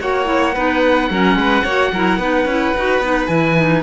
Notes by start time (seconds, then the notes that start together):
0.00 A#3 F#4 C#5 F#5
0.25 E4
0.55 B3 D#4 B4
1.11 F#3 C#4 A#4
1.36 G#3 B4
1.64 A#3 F#4 C#5
1.93 F#3 E4 A#4
2.19 B3 D#4 B4
2.46 C#4 E4
2.77 D#4 F#4
2.99 B3 D#4
3.27 E3 E4 G#5
3.57 D#4